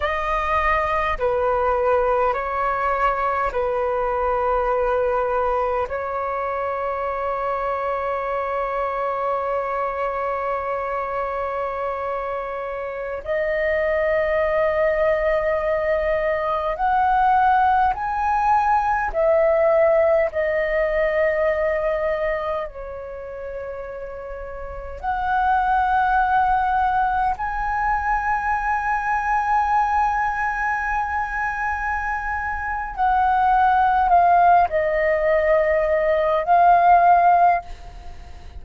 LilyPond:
\new Staff \with { instrumentName = "flute" } { \time 4/4 \tempo 4 = 51 dis''4 b'4 cis''4 b'4~ | b'4 cis''2.~ | cis''2.~ cis''16 dis''8.~ | dis''2~ dis''16 fis''4 gis''8.~ |
gis''16 e''4 dis''2 cis''8.~ | cis''4~ cis''16 fis''2 gis''8.~ | gis''1 | fis''4 f''8 dis''4. f''4 | }